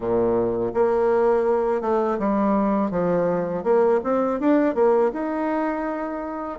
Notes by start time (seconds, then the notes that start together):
0.00 A#2
0.74 A#3
1.81 A3
2.19 G3
2.91 F3
3.63 A#3
4.03 C4
4.39 D4
4.74 A#3
5.13 D#4